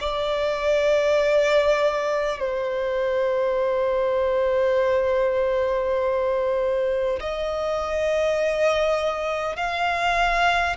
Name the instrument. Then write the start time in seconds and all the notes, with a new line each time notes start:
violin
0.00 D5
2.39 C5
7.20 D#5
9.56 F5